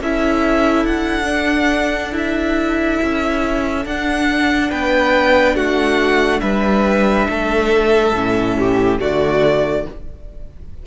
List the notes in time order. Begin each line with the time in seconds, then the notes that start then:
0.00 C#4 E4 A4 E5
0.85 D4 F#5
1.23 D4
2.11 E4 E5
3.02 C#4
3.85 D4 F#5
4.70 B3 B4 G5
5.55 A3 F#4 F#5
6.40 G3 B4 E5
7.28 A3 A4
8.12 A2 C#4
8.58 G4
8.99 D3 A3 F#4 D5